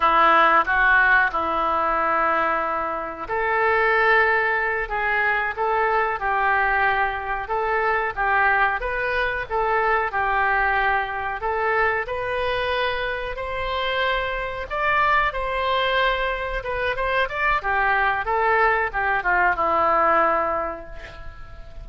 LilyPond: \new Staff \with { instrumentName = "oboe" } { \time 4/4 \tempo 4 = 92 e'4 fis'4 e'2~ | e'4 a'2~ a'8 gis'8~ | gis'8 a'4 g'2 a'8~ | a'8 g'4 b'4 a'4 g'8~ |
g'4. a'4 b'4.~ | b'8 c''2 d''4 c''8~ | c''4. b'8 c''8 d''8 g'4 | a'4 g'8 f'8 e'2 | }